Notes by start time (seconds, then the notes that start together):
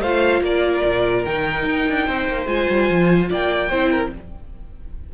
0.00 A3 F4 C5 F5
0.41 A#3 A#4 D5
0.84 A#2
1.25 D#3 D#4 G5
1.65 D#4
1.89 D4
2.06 C4 C5
2.28 A#3
2.46 G#3 F4 G#5
2.69 G3
2.89 F3
3.29 A#3 D5 G5
3.69 C4 E4 C5
3.91 A#4